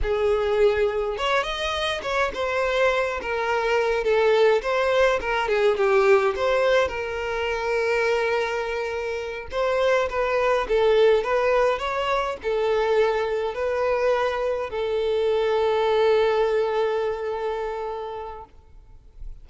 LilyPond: \new Staff \with { instrumentName = "violin" } { \time 4/4 \tempo 4 = 104 gis'2 cis''8 dis''4 cis''8 | c''4. ais'4. a'4 | c''4 ais'8 gis'8 g'4 c''4 | ais'1~ |
ais'8 c''4 b'4 a'4 b'8~ | b'8 cis''4 a'2 b'8~ | b'4. a'2~ a'8~ | a'1 | }